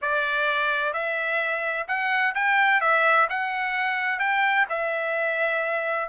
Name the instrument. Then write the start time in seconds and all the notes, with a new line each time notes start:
trumpet
0.01 D5
0.93 E5
1.87 F#5
2.34 G5
2.80 E5
3.29 F#5
4.19 G5
4.69 E5